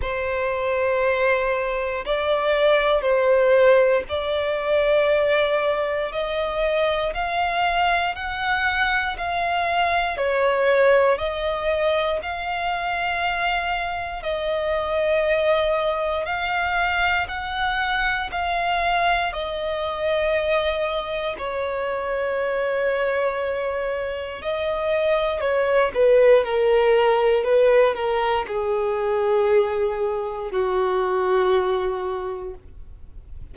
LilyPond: \new Staff \with { instrumentName = "violin" } { \time 4/4 \tempo 4 = 59 c''2 d''4 c''4 | d''2 dis''4 f''4 | fis''4 f''4 cis''4 dis''4 | f''2 dis''2 |
f''4 fis''4 f''4 dis''4~ | dis''4 cis''2. | dis''4 cis''8 b'8 ais'4 b'8 ais'8 | gis'2 fis'2 | }